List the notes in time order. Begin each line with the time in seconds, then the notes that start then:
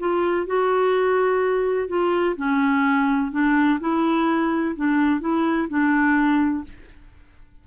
0.00 F4
0.47 F#4
1.89 F4
2.37 C#4
3.32 D4
3.81 E4
4.76 D4
5.21 E4
5.69 D4